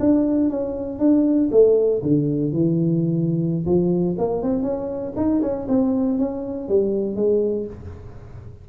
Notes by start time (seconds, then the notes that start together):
0.00 D4
0.50 C#4
0.99 D4
1.51 A3
2.02 D3
2.52 E3
3.66 F3
4.18 A#3
4.43 C4
4.63 C#4
5.16 D#4
5.42 C#4
5.68 C4
6.19 C#4
6.69 G3
7.16 G#3